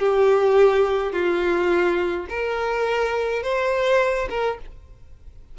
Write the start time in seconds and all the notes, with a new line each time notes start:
0.00 G4
1.13 F4
2.30 A#4
3.43 C5
4.30 A#4